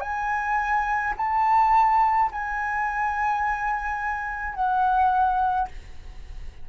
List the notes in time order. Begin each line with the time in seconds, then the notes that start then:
0.00 G#5
1.16 A5
2.31 G#5
4.54 F#5